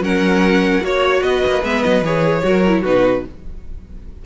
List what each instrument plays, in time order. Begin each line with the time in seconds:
0.00 cello F#3, viola C#4, violin A#4 F#5
0.82 cello A#3, viola F#4, violin C#5
1.21 cello B3, violin B4 D#5
1.47 cello A#3
1.64 cello G#3, viola B3, violin E5
1.83 cello F#3, violin D#5
2.02 cello E3, viola G#4, violin C#5
2.43 cello F#3, viola F#4, violin A#4
2.68 viola E4
2.82 cello B2, viola D#4, violin F#4 B4